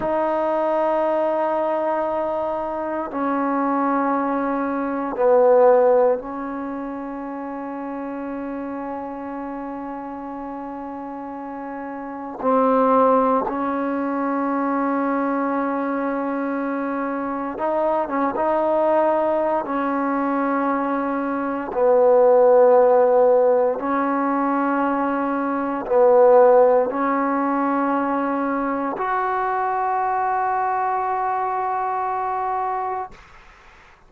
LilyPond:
\new Staff \with { instrumentName = "trombone" } { \time 4/4 \tempo 4 = 58 dis'2. cis'4~ | cis'4 b4 cis'2~ | cis'1 | c'4 cis'2.~ |
cis'4 dis'8 cis'16 dis'4~ dis'16 cis'4~ | cis'4 b2 cis'4~ | cis'4 b4 cis'2 | fis'1 | }